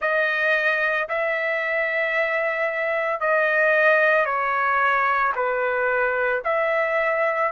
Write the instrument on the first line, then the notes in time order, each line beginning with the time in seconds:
trumpet
0.00 D#5
1.08 E5
3.20 D#5
4.25 C#5
5.35 B4
6.44 E5